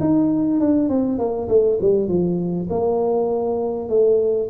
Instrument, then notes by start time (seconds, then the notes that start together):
tuba
0.00 D#4
0.60 D4
0.89 C4
1.18 A#3
1.49 A3
1.81 G3
2.08 F3
2.70 A#3
3.89 A3